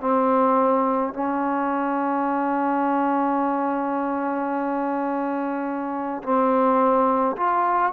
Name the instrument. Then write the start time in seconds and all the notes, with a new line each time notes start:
trombone
0.00 C4
1.13 C#4
6.23 C4
7.36 F4